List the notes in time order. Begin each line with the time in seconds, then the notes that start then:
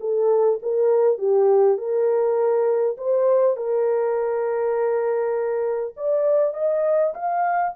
0.00 A4
0.62 A#4
1.18 G4
1.78 A#4
2.97 C5
3.57 A#4
5.96 D5
6.54 D#5
7.14 F5